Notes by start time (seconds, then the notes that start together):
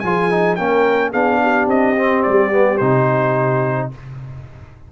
0.00 F3 F4 G#4 G#5
0.31 D#4
0.56 A#3 C#4 A#4 G5
1.11 B3 D4 G#4 F5
1.42 G4
1.67 C4 D#5
1.97 C4
2.23 G3 D5
2.52 B3
2.78 C3 D#4 C5